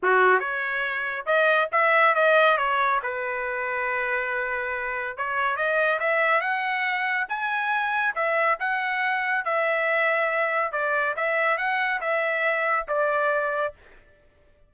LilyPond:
\new Staff \with { instrumentName = "trumpet" } { \time 4/4 \tempo 4 = 140 fis'4 cis''2 dis''4 | e''4 dis''4 cis''4 b'4~ | b'1 | cis''4 dis''4 e''4 fis''4~ |
fis''4 gis''2 e''4 | fis''2 e''2~ | e''4 d''4 e''4 fis''4 | e''2 d''2 | }